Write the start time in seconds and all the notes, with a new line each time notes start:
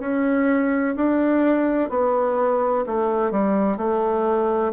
0.00 C#4
0.96 D4
1.90 B3
2.87 A3
3.31 G3
3.77 A3